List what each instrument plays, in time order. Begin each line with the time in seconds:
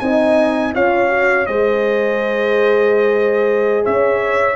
0.00 tuba C4, horn D#4 D#5, trumpet G#5
0.75 tuba C#4, horn F4 C#5, trumpet F5
1.10 horn F#4
1.46 tuba G#3, horn G#4 C5, trumpet D#5
3.85 tuba C#4, horn C#5, trumpet E5